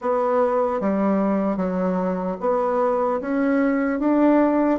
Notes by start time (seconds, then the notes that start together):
0.01 B3
0.80 G3
1.56 F#3
2.40 B3
3.20 C#4
3.99 D4